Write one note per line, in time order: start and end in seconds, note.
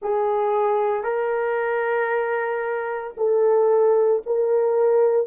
0.02 1.03 G#4
1.03 3.13 A#4
3.17 4.22 A4
4.25 5.27 A#4